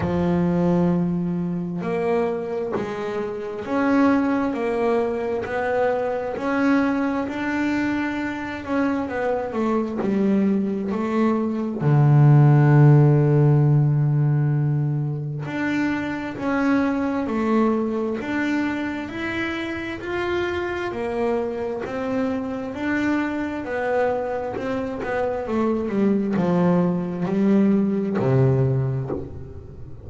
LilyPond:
\new Staff \with { instrumentName = "double bass" } { \time 4/4 \tempo 4 = 66 f2 ais4 gis4 | cis'4 ais4 b4 cis'4 | d'4. cis'8 b8 a8 g4 | a4 d2.~ |
d4 d'4 cis'4 a4 | d'4 e'4 f'4 ais4 | c'4 d'4 b4 c'8 b8 | a8 g8 f4 g4 c4 | }